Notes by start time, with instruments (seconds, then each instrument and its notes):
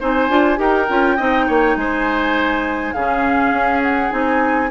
0.00 bassoon C4, clarinet D#4, oboe C5, flute G#5
0.29 bassoon D4, clarinet F4
0.56 bassoon D#4, clarinet G4, oboe A#4, flute G5
0.88 bassoon C#4, clarinet F4
1.16 bassoon C4, clarinet D#4, oboe D#5
1.47 bassoon A#3, oboe C#5
1.76 bassoon G#3, oboe C5, flute G#5
2.93 bassoon C#3, clarinet C#4, oboe G#4, flute F5
3.51 bassoon C#4
3.82 flute F#5
4.10 bassoon C4, clarinet D#4, flute G#5